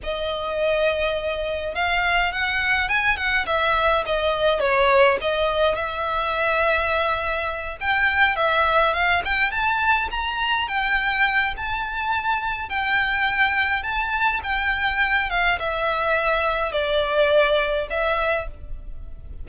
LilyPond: \new Staff \with { instrumentName = "violin" } { \time 4/4 \tempo 4 = 104 dis''2. f''4 | fis''4 gis''8 fis''8 e''4 dis''4 | cis''4 dis''4 e''2~ | e''4. g''4 e''4 f''8 |
g''8 a''4 ais''4 g''4. | a''2 g''2 | a''4 g''4. f''8 e''4~ | e''4 d''2 e''4 | }